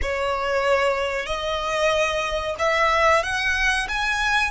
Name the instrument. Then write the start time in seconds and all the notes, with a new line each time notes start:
violin
0.02 C#5
1.26 D#5
2.58 E5
3.23 F#5
3.88 G#5